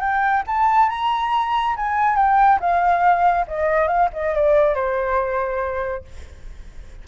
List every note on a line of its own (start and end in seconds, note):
0.00 0.43 G5
0.47 0.89 A5
0.89 1.75 A#5
1.76 2.16 G#5
2.16 2.59 G5
2.60 3.46 F5
3.47 3.88 D#5
3.88 4.09 F5
4.13 4.34 D#5
4.34 4.75 D5
4.75 6.04 C5